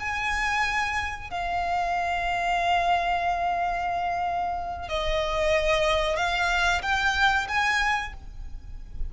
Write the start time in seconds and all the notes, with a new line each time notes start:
0.00 G#5
1.30 F5
4.89 D#5
6.16 F5
6.82 G5
7.48 G#5